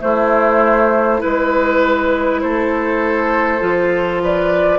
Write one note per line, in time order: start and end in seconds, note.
0.00 1.19 A3
0.00 1.23 A3
0.00 1.21 E4
0.00 1.22 C5
1.19 3.59 E4
1.19 2.41 B4
1.25 2.43 G#3
2.41 3.62 A3
2.41 4.23 A4
2.41 4.21 C5
3.60 4.79 F3
3.60 4.79 F4
4.23 4.79 B4
4.23 4.79 D5